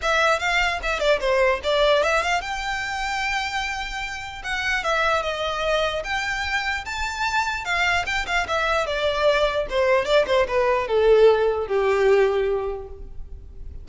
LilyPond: \new Staff \with { instrumentName = "violin" } { \time 4/4 \tempo 4 = 149 e''4 f''4 e''8 d''8 c''4 | d''4 e''8 f''8 g''2~ | g''2. fis''4 | e''4 dis''2 g''4~ |
g''4 a''2 f''4 | g''8 f''8 e''4 d''2 | c''4 d''8 c''8 b'4 a'4~ | a'4 g'2. | }